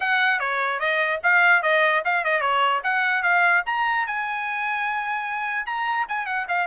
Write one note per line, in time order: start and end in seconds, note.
0.00 0.39 F#5
0.39 0.79 C#5
0.79 1.20 D#5
1.23 1.62 F5
1.62 2.03 D#5
2.04 2.24 F5
2.24 2.40 D#5
2.40 2.81 C#5
2.83 3.22 F#5
3.22 3.63 F5
3.66 4.06 A#5
4.07 5.66 G#5
5.66 6.06 A#5
6.08 6.26 G#5
6.26 6.46 F#5
6.48 6.67 F5